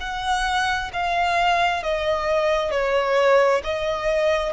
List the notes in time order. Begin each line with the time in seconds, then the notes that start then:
0.00 F#5
0.93 F5
1.83 D#5
2.71 C#5
3.64 D#5